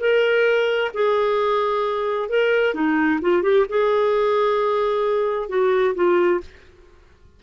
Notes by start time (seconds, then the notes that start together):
0.00 A#4
0.94 G#4
2.29 A#4
2.74 D#4
3.22 F4
3.43 G4
3.69 G#4
5.49 F#4
5.95 F4